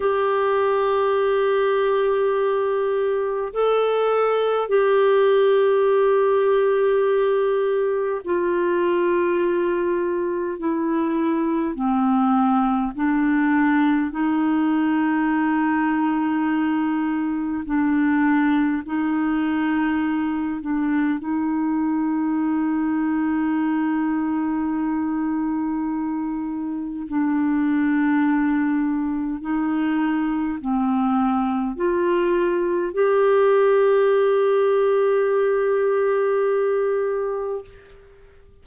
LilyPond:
\new Staff \with { instrumentName = "clarinet" } { \time 4/4 \tempo 4 = 51 g'2. a'4 | g'2. f'4~ | f'4 e'4 c'4 d'4 | dis'2. d'4 |
dis'4. d'8 dis'2~ | dis'2. d'4~ | d'4 dis'4 c'4 f'4 | g'1 | }